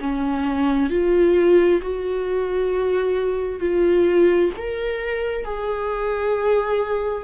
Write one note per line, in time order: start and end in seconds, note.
0.00 0.90 C#4
0.90 1.81 F4
1.81 3.60 F#4
3.60 4.51 F4
4.57 5.44 A#4
5.44 7.24 G#4